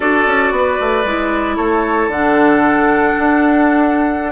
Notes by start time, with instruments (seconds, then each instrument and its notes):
0.00 bassoon D4, clarinet F#4, oboe A4, flute D5
0.26 bassoon C#4
0.51 bassoon B3, oboe B4
0.80 bassoon A3
1.04 bassoon G#3, clarinet E4
1.56 bassoon A3, oboe A4, flute C#5
2.07 bassoon D3, clarinet D4, flute F#5
3.18 bassoon D4